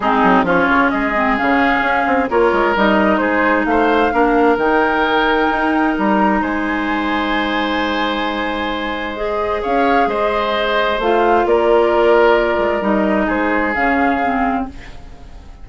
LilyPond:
<<
  \new Staff \with { instrumentName = "flute" } { \time 4/4 \tempo 4 = 131 gis'4 cis''4 dis''4 f''4~ | f''4 cis''4 dis''4 c''4 | f''2 g''2~ | g''4 ais''4 gis''2~ |
gis''1 | dis''4 f''4 dis''2 | f''4 d''2. | dis''4 c''4 f''2 | }
  \new Staff \with { instrumentName = "oboe" } { \time 4/4 dis'4 f'4 gis'2~ | gis'4 ais'2 gis'4 | c''4 ais'2.~ | ais'2 c''2~ |
c''1~ | c''4 cis''4 c''2~ | c''4 ais'2.~ | ais'4 gis'2. | }
  \new Staff \with { instrumentName = "clarinet" } { \time 4/4 c'4 cis'4. c'8 cis'4~ | cis'4 f'4 dis'2~ | dis'4 d'4 dis'2~ | dis'1~ |
dis'1 | gis'1 | f'1 | dis'2 cis'4 c'4 | }
  \new Staff \with { instrumentName = "bassoon" } { \time 4/4 gis8 fis8 f8 cis8 gis4 cis4 | cis'8 c'8 ais8 gis8 g4 gis4 | a4 ais4 dis2 | dis'4 g4 gis2~ |
gis1~ | gis4 cis'4 gis2 | a4 ais2~ ais8 gis8 | g4 gis4 cis2 | }
>>